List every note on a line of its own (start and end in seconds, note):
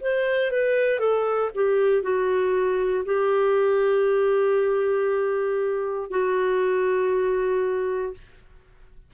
0.00 0.51 C5
0.51 0.99 B4
0.99 1.50 A4
1.54 2.02 G4
2.02 3.04 F#4
3.05 6.10 G4
6.10 8.14 F#4